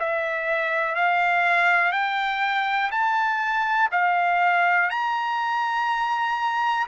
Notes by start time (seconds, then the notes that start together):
0.00 E5
0.96 F5
1.92 G5
2.92 A5
3.92 F5
4.90 A#5